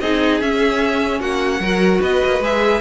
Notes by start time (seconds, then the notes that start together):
0.00 C4 D#4 G#4 D#5
0.40 C#4 E5
1.20 A#3 F#4 F#5
1.59 F#3 F#4 A#4
2.00 B3 B4 D#5
2.25 A#3
2.39 G#3 G#4 E5